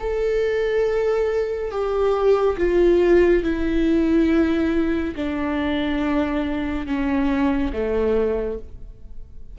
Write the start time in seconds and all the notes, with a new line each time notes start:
0.00 A4
1.71 G4
2.58 F4
3.44 E4
5.16 D4
6.86 C#4
7.73 A3